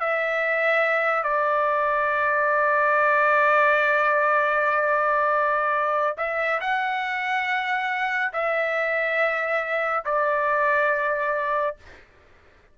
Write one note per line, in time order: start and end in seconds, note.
0.00 1.24 E5
1.24 6.16 D5
6.17 6.60 E5
6.60 8.32 F#5
8.33 10.04 E5
10.05 11.77 D5